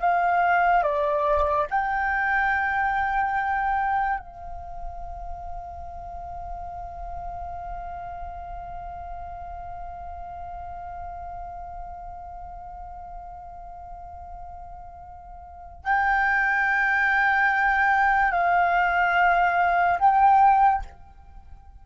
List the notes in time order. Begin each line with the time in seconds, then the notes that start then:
0.00 F5
0.83 D5
1.70 G5
4.19 F5
15.83 G5
18.31 F5
19.98 G5